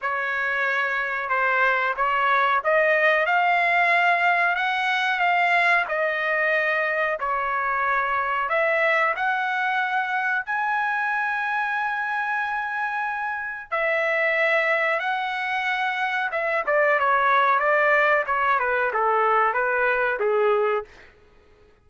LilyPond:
\new Staff \with { instrumentName = "trumpet" } { \time 4/4 \tempo 4 = 92 cis''2 c''4 cis''4 | dis''4 f''2 fis''4 | f''4 dis''2 cis''4~ | cis''4 e''4 fis''2 |
gis''1~ | gis''4 e''2 fis''4~ | fis''4 e''8 d''8 cis''4 d''4 | cis''8 b'8 a'4 b'4 gis'4 | }